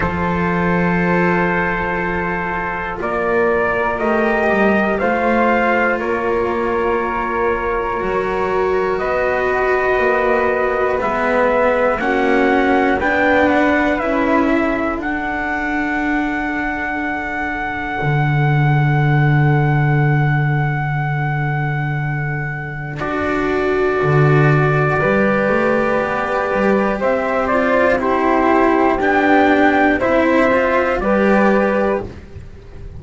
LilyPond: <<
  \new Staff \with { instrumentName = "trumpet" } { \time 4/4 \tempo 4 = 60 c''2. d''4 | dis''4 f''4 cis''2~ | cis''4 dis''2 e''4 | fis''4 g''8 fis''8 e''4 fis''4~ |
fis''1~ | fis''2. d''4~ | d''2. e''8 d''8 | c''4 g''4 e''4 d''4 | }
  \new Staff \with { instrumentName = "flute" } { \time 4/4 a'2. ais'4~ | ais'4 c''4 ais'2~ | ais'4 b'2. | fis'4 b'4. a'4.~ |
a'1~ | a'1~ | a'4 b'2 c''4 | g'2 c''4 b'4 | }
  \new Staff \with { instrumentName = "cello" } { \time 4/4 f'1 | g'4 f'2. | fis'2. b4 | cis'4 d'4 e'4 d'4~ |
d'1~ | d'2. fis'4~ | fis'4 g'2~ g'8 f'8 | e'4 d'4 e'8 f'8 g'4 | }
  \new Staff \with { instrumentName = "double bass" } { \time 4/4 f2. ais4 | a8 g8 a4 ais2 | fis4 b4 ais4 gis4 | ais4 b4 cis'4 d'4~ |
d'2 d2~ | d2. d'4 | d4 g8 a8 b8 g8 c'4~ | c'4 b4 c'4 g4 | }
>>